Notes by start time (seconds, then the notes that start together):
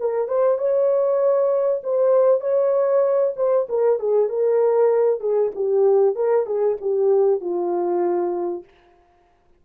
0.00 A#4
0.28 C5
0.58 C#5
1.84 C5
2.41 C#5
3.36 C5
3.69 A#4
3.99 G#4
4.29 A#4
5.20 G#4
5.55 G4
6.15 A#4
6.46 G#4
6.81 G4
7.41 F4